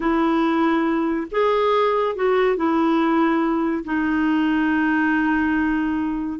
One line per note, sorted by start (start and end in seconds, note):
0.00 1.27 E4
1.31 2.15 G#4
2.15 2.56 F#4
2.56 3.84 E4
3.84 6.39 D#4